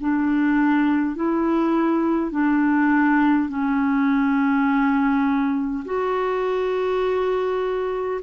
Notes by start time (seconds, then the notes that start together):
0.00 D4
1.16 E4
2.32 D4
3.49 C#4
5.86 F#4